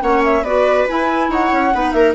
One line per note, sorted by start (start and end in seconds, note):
0.00 0.42 A#3
0.00 0.43 C#4
0.00 0.44 C#5
0.00 0.22 F#5
0.23 0.44 E5
0.42 0.85 B3
0.42 0.88 F#4
0.42 1.29 B4
0.42 0.87 D5
0.88 1.72 E4
0.88 1.28 E4
0.88 1.31 G#5
1.28 1.50 D#4
1.28 1.73 C#5
1.28 1.92 F#5
1.52 1.73 C#4
1.72 1.92 B3
1.72 2.15 D#4
1.72 1.95 B4
1.92 2.14 A#3
1.92 2.15 A#4
1.92 2.13 E5